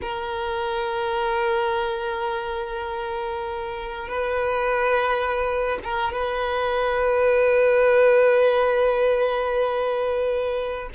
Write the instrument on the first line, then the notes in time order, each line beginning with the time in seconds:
violin
0.01 A#4
4.08 B4
5.83 A#4
6.12 B4